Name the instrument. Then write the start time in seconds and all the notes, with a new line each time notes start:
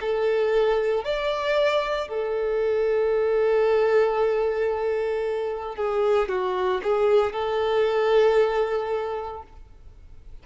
violin
0.00 A4
1.04 D5
2.08 A4
5.76 G#4
6.28 F#4
6.82 G#4
7.32 A4